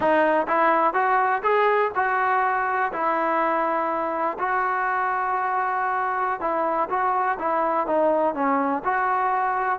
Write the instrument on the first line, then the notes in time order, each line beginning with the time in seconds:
trombone
0.00 D#4
0.47 E4
0.93 F#4
1.42 G#4
1.95 F#4
2.92 E4
4.38 F#4
6.40 E4
6.89 F#4
7.38 E4
7.86 D#4
8.34 C#4
8.84 F#4